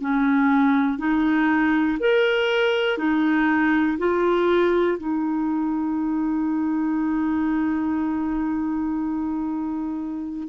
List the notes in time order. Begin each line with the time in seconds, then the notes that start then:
0.00 C#4
0.98 D#4
1.99 A#4
2.98 D#4
3.98 F4
4.97 D#4